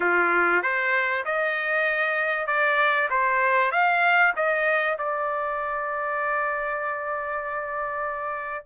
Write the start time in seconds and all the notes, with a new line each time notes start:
0.00 F4
0.62 C5
1.25 D#5
2.47 D5
3.09 C5
3.71 F5
4.36 D#5
4.98 D5